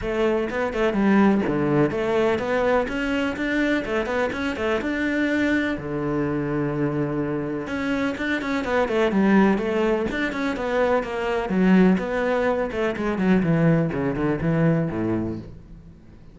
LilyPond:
\new Staff \with { instrumentName = "cello" } { \time 4/4 \tempo 4 = 125 a4 b8 a8 g4 d4 | a4 b4 cis'4 d'4 | a8 b8 cis'8 a8 d'2 | d1 |
cis'4 d'8 cis'8 b8 a8 g4 | a4 d'8 cis'8 b4 ais4 | fis4 b4. a8 gis8 fis8 | e4 cis8 d8 e4 a,4 | }